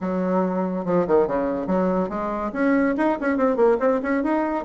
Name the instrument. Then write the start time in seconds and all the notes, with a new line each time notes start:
bassoon
0.00 F#3
0.85 F3
1.07 D#3
1.27 C#3
1.67 F#3
2.09 G#3
2.53 C#4
2.97 D#4
3.21 C#4
3.37 C4
3.56 A#3
3.79 C4
4.02 C#4
4.23 D#4